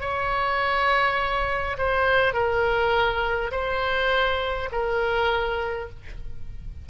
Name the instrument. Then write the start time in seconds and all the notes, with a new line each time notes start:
oboe
0.00 C#5
1.78 C5
2.33 A#4
3.51 C5
4.71 A#4